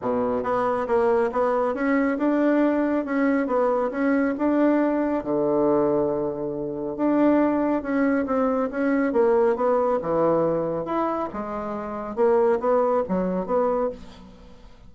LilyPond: \new Staff \with { instrumentName = "bassoon" } { \time 4/4 \tempo 4 = 138 b,4 b4 ais4 b4 | cis'4 d'2 cis'4 | b4 cis'4 d'2 | d1 |
d'2 cis'4 c'4 | cis'4 ais4 b4 e4~ | e4 e'4 gis2 | ais4 b4 fis4 b4 | }